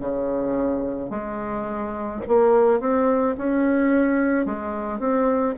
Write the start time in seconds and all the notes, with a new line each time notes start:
0.00 C#3
1.10 G#3
2.27 A#3
2.80 C4
3.37 C#4
4.46 G#3
4.99 C4